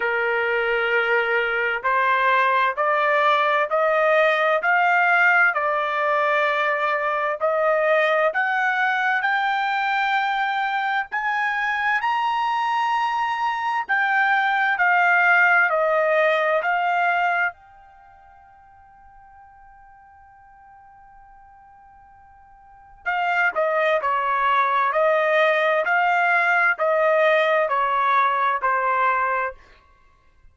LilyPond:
\new Staff \with { instrumentName = "trumpet" } { \time 4/4 \tempo 4 = 65 ais'2 c''4 d''4 | dis''4 f''4 d''2 | dis''4 fis''4 g''2 | gis''4 ais''2 g''4 |
f''4 dis''4 f''4 g''4~ | g''1~ | g''4 f''8 dis''8 cis''4 dis''4 | f''4 dis''4 cis''4 c''4 | }